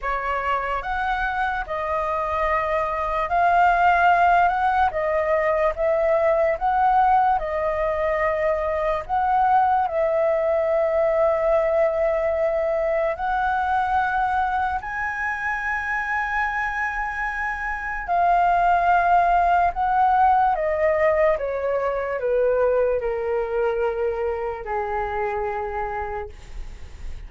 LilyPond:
\new Staff \with { instrumentName = "flute" } { \time 4/4 \tempo 4 = 73 cis''4 fis''4 dis''2 | f''4. fis''8 dis''4 e''4 | fis''4 dis''2 fis''4 | e''1 |
fis''2 gis''2~ | gis''2 f''2 | fis''4 dis''4 cis''4 b'4 | ais'2 gis'2 | }